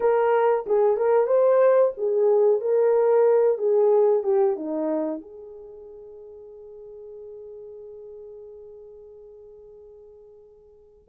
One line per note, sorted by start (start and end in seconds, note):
0.00 0.65 A#4
0.66 0.96 G#4
0.96 1.26 A#4
1.26 1.92 C5
1.97 2.61 G#4
2.61 3.58 A#4
3.58 4.23 G#4
4.23 4.56 G4
4.56 5.21 D#4
5.21 11.08 G#4